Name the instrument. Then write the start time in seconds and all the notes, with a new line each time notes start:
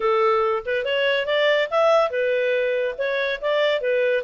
clarinet
0.00 A4
0.65 B4
0.85 C#5
1.26 D5
1.70 E5
2.10 B4
2.98 C#5
3.41 D5
3.80 B4